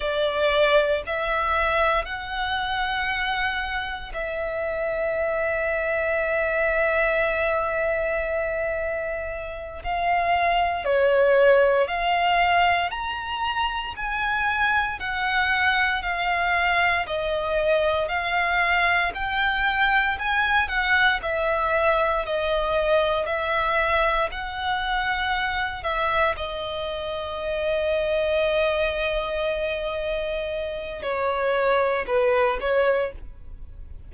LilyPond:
\new Staff \with { instrumentName = "violin" } { \time 4/4 \tempo 4 = 58 d''4 e''4 fis''2 | e''1~ | e''4. f''4 cis''4 f''8~ | f''8 ais''4 gis''4 fis''4 f''8~ |
f''8 dis''4 f''4 g''4 gis''8 | fis''8 e''4 dis''4 e''4 fis''8~ | fis''4 e''8 dis''2~ dis''8~ | dis''2 cis''4 b'8 cis''8 | }